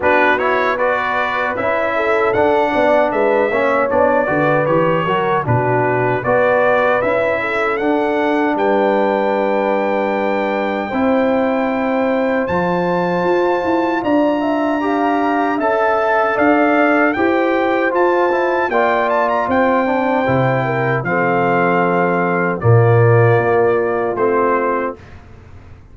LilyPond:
<<
  \new Staff \with { instrumentName = "trumpet" } { \time 4/4 \tempo 4 = 77 b'8 cis''8 d''4 e''4 fis''4 | e''4 d''4 cis''4 b'4 | d''4 e''4 fis''4 g''4~ | g''1 |
a''2 ais''2 | a''4 f''4 g''4 a''4 | g''8 a''16 ais''16 g''2 f''4~ | f''4 d''2 c''4 | }
  \new Staff \with { instrumentName = "horn" } { \time 4/4 fis'4 b'4. a'4 d''8 | b'8 cis''4 b'4 ais'8 fis'4 | b'4. a'4. b'4~ | b'2 c''2~ |
c''2 d''8 e''8 f''4 | e''4 d''4 c''2 | d''4 c''4. ais'8 a'4~ | a'4 f'2. | }
  \new Staff \with { instrumentName = "trombone" } { \time 4/4 d'8 e'8 fis'4 e'4 d'4~ | d'8 cis'8 d'8 fis'8 g'8 fis'8 d'4 | fis'4 e'4 d'2~ | d'2 e'2 |
f'2. g'4 | a'2 g'4 f'8 e'8 | f'4. d'8 e'4 c'4~ | c'4 ais2 c'4 | }
  \new Staff \with { instrumentName = "tuba" } { \time 4/4 b2 cis'4 d'8 b8 | gis8 ais8 b8 d8 e8 fis8 b,4 | b4 cis'4 d'4 g4~ | g2 c'2 |
f4 f'8 e'8 d'2 | cis'4 d'4 e'4 f'4 | ais4 c'4 c4 f4~ | f4 ais,4 ais4 a4 | }
>>